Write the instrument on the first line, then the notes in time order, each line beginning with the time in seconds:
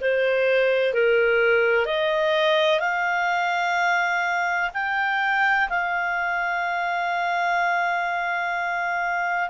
clarinet
0.00 C5
0.93 A#4
1.85 D#5
2.80 F5
4.73 G5
5.69 F5